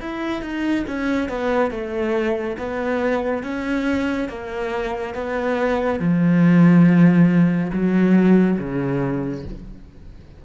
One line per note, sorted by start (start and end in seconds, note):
0.00 0.42 E4
0.42 0.85 D#4
0.87 1.28 C#4
1.28 1.71 B3
1.71 2.56 A3
2.58 3.43 B3
3.43 4.29 C#4
4.29 5.14 A#3
5.14 5.99 B3
5.99 7.71 F3
7.72 8.58 F#3
8.58 9.44 C#3